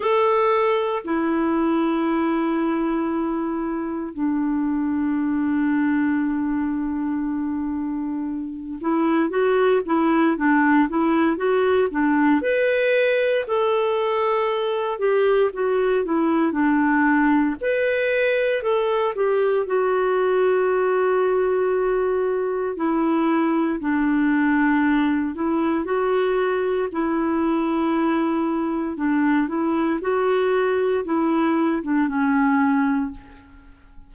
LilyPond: \new Staff \with { instrumentName = "clarinet" } { \time 4/4 \tempo 4 = 58 a'4 e'2. | d'1~ | d'8 e'8 fis'8 e'8 d'8 e'8 fis'8 d'8 | b'4 a'4. g'8 fis'8 e'8 |
d'4 b'4 a'8 g'8 fis'4~ | fis'2 e'4 d'4~ | d'8 e'8 fis'4 e'2 | d'8 e'8 fis'4 e'8. d'16 cis'4 | }